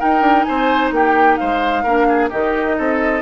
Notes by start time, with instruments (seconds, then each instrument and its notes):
0.00 clarinet D#4, bassoon D#4, oboe A#4, flute G5
0.21 bassoon D4
0.44 bassoon C4, oboe C5, flute G#5
0.91 bassoon A#3, oboe G4, flute G5
1.37 bassoon G#3, oboe C5, flute F5
1.84 bassoon A#3, clarinet D4, oboe A#4
2.09 oboe G#4
2.30 bassoon D#3, clarinet D#4, oboe G4, flute D#5
2.78 bassoon C4, oboe A4